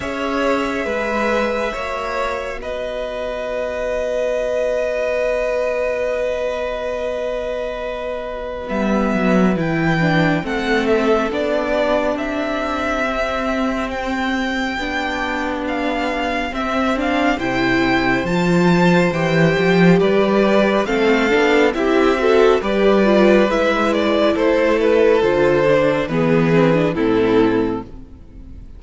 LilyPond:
<<
  \new Staff \with { instrumentName = "violin" } { \time 4/4 \tempo 4 = 69 e''2. dis''4~ | dis''1~ | dis''2 e''4 g''4 | fis''8 e''8 d''4 e''2 |
g''2 f''4 e''8 f''8 | g''4 a''4 g''4 d''4 | f''4 e''4 d''4 e''8 d''8 | c''8 b'8 c''4 b'4 a'4 | }
  \new Staff \with { instrumentName = "violin" } { \time 4/4 cis''4 b'4 cis''4 b'4~ | b'1~ | b'1 | a'4. g'2~ g'8~ |
g'1 | c''2. b'4 | a'4 g'8 a'8 b'2 | a'2 gis'4 e'4 | }
  \new Staff \with { instrumentName = "viola" } { \time 4/4 gis'2 fis'2~ | fis'1~ | fis'2 b4 e'8 d'8 | c'4 d'2 c'4~ |
c'4 d'2 c'8 d'8 | e'4 f'4 g'2 | c'8 d'8 e'8 fis'8 g'8 f'8 e'4~ | e'4 f'8 d'8 b8 c'16 d'16 c'4 | }
  \new Staff \with { instrumentName = "cello" } { \time 4/4 cis'4 gis4 ais4 b4~ | b1~ | b2 g8 fis8 e4 | a4 b4 c'2~ |
c'4 b2 c'4 | c4 f4 e8 f8 g4 | a8 b8 c'4 g4 gis4 | a4 d4 e4 a,4 | }
>>